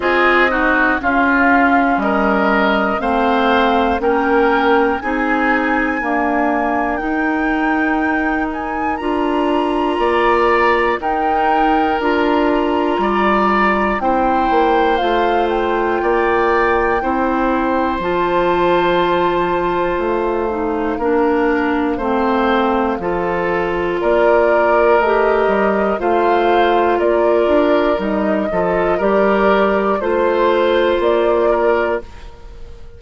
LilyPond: <<
  \new Staff \with { instrumentName = "flute" } { \time 4/4 \tempo 4 = 60 dis''4 f''4 dis''4 f''4 | g''4 gis''2 g''4~ | g''8 gis''8 ais''2 g''4 | ais''2 g''4 f''8 g''8~ |
g''2 a''2 | f''1 | d''4 dis''4 f''4 d''4 | dis''4 d''4 c''4 d''4 | }
  \new Staff \with { instrumentName = "oboe" } { \time 4/4 gis'8 fis'8 f'4 ais'4 c''4 | ais'4 gis'4 ais'2~ | ais'2 d''4 ais'4~ | ais'4 d''4 c''2 |
d''4 c''2.~ | c''4 ais'4 c''4 a'4 | ais'2 c''4 ais'4~ | ais'8 a'8 ais'4 c''4. ais'8 | }
  \new Staff \with { instrumentName = "clarinet" } { \time 4/4 f'8 dis'8 cis'2 c'4 | cis'4 dis'4 ais4 dis'4~ | dis'4 f'2 dis'4 | f'2 e'4 f'4~ |
f'4 e'4 f'2~ | f'8 dis'8 d'4 c'4 f'4~ | f'4 g'4 f'2 | dis'8 f'8 g'4 f'2 | }
  \new Staff \with { instrumentName = "bassoon" } { \time 4/4 c'4 cis'4 g4 a4 | ais4 c'4 d'4 dis'4~ | dis'4 d'4 ais4 dis'4 | d'4 g4 c'8 ais8 a4 |
ais4 c'4 f2 | a4 ais4 a4 f4 | ais4 a8 g8 a4 ais8 d'8 | g8 f8 g4 a4 ais4 | }
>>